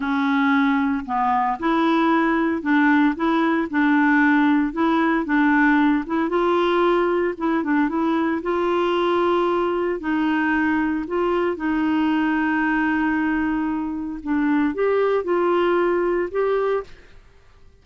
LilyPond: \new Staff \with { instrumentName = "clarinet" } { \time 4/4 \tempo 4 = 114 cis'2 b4 e'4~ | e'4 d'4 e'4 d'4~ | d'4 e'4 d'4. e'8 | f'2 e'8 d'8 e'4 |
f'2. dis'4~ | dis'4 f'4 dis'2~ | dis'2. d'4 | g'4 f'2 g'4 | }